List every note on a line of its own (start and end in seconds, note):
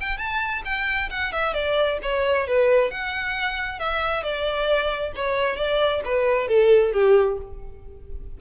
0.00 0.17 G5
0.17 0.62 A5
0.65 1.09 G5
1.10 1.32 F#5
1.32 1.53 E5
1.53 1.98 D5
2.02 2.47 C#5
2.47 2.91 B4
2.91 3.79 F#5
3.79 4.23 E5
4.23 5.12 D5
5.15 5.56 C#5
5.56 6.01 D5
6.05 6.48 B4
6.48 6.92 A4
6.93 7.37 G4